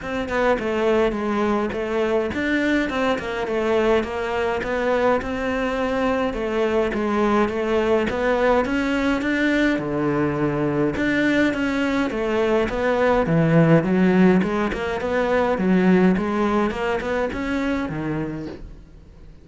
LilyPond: \new Staff \with { instrumentName = "cello" } { \time 4/4 \tempo 4 = 104 c'8 b8 a4 gis4 a4 | d'4 c'8 ais8 a4 ais4 | b4 c'2 a4 | gis4 a4 b4 cis'4 |
d'4 d2 d'4 | cis'4 a4 b4 e4 | fis4 gis8 ais8 b4 fis4 | gis4 ais8 b8 cis'4 dis4 | }